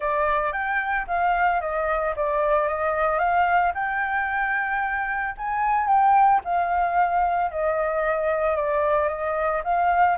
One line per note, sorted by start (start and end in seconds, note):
0.00 0.52 D5
0.52 1.06 G5
1.07 1.60 F5
1.60 2.14 D#5
2.16 2.67 D5
2.67 3.19 D#5
3.19 3.72 F5
3.74 5.35 G5
5.37 5.87 G#5
5.87 6.40 G5
6.44 7.51 F5
7.51 8.55 D#5
8.55 9.08 D5
9.08 9.62 D#5
9.64 10.17 F5